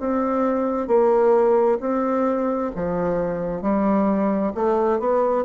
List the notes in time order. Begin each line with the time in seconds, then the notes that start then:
0.00 C4
0.88 A#3
1.80 C4
2.76 F3
3.62 G3
4.55 A3
5.00 B3